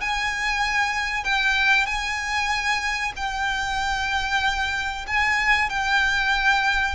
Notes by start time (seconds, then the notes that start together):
0.00 G#5
1.24 G5
1.86 G#5
3.16 G5
5.07 G#5
5.69 G5